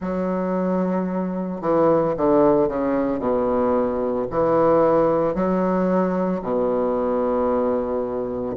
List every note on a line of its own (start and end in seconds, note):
0.00 1.61 F#3
1.61 2.14 E3
2.16 2.68 D3
2.68 3.19 C#3
3.19 4.26 B2
4.30 5.34 E3
5.34 6.41 F#3
6.41 8.56 B2